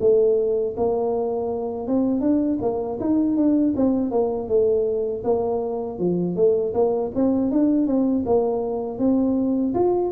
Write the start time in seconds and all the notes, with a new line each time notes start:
0.00 A3
0.76 A#3
1.87 C4
2.20 D4
2.61 A#3
3.00 D#4
3.36 D4
3.76 C4
4.11 A#3
4.48 A3
5.23 A#3
5.98 F3
6.35 A3
6.73 A#3
7.15 C4
7.50 D4
7.86 C4
8.25 A#3
8.98 C4
9.74 F4